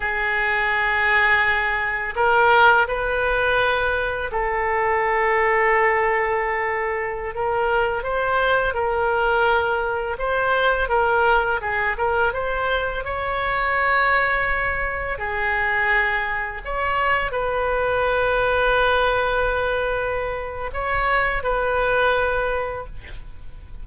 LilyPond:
\new Staff \with { instrumentName = "oboe" } { \time 4/4 \tempo 4 = 84 gis'2. ais'4 | b'2 a'2~ | a'2~ a'16 ais'4 c''8.~ | c''16 ais'2 c''4 ais'8.~ |
ais'16 gis'8 ais'8 c''4 cis''4.~ cis''16~ | cis''4~ cis''16 gis'2 cis''8.~ | cis''16 b'2.~ b'8.~ | b'4 cis''4 b'2 | }